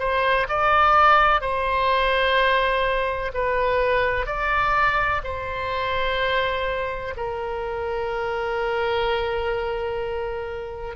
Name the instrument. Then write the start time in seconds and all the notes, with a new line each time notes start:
oboe
0.00 C5
0.49 D5
1.42 C5
3.34 B4
4.26 D5
5.24 C5
7.17 A#4